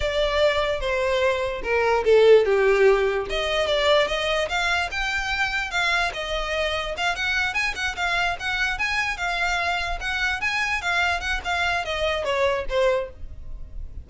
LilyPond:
\new Staff \with { instrumentName = "violin" } { \time 4/4 \tempo 4 = 147 d''2 c''2 | ais'4 a'4 g'2 | dis''4 d''4 dis''4 f''4 | g''2 f''4 dis''4~ |
dis''4 f''8 fis''4 gis''8 fis''8 f''8~ | f''8 fis''4 gis''4 f''4.~ | f''8 fis''4 gis''4 f''4 fis''8 | f''4 dis''4 cis''4 c''4 | }